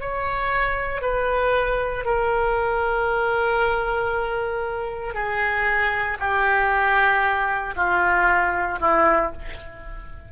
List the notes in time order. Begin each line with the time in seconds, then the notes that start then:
0.00 C#5
1.02 B4
2.05 A#4
5.14 G#4
6.19 G4
7.76 F4
8.80 E4